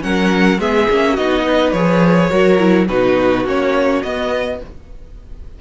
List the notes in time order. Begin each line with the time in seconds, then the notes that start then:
0.00 F#3 C#4 A#4 F#5
0.58 G#3 B3 G#4 E5
0.89 A#3 C#4
1.13 B3 D#4 F#4 D#5
1.46 B4
1.71 F3 G#4 C#5
2.29 F#3 F#4 A#4
2.58 E4
2.87 B2 D#4 F#4 B4
3.44 A#3 C#4 C#5
4.02 B3 D#5